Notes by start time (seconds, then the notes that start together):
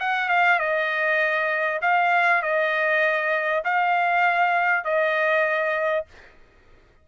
0.00 F#5
0.29 F5
0.59 D#5
1.82 F5
2.42 D#5
3.64 F5
4.84 D#5